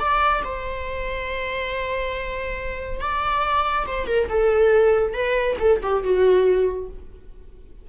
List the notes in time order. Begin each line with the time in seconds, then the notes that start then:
0.00 D5
0.44 C5
3.01 D5
3.87 C5
4.08 A#4
4.30 A4
5.14 B4
5.60 A4
5.83 G4
6.04 F#4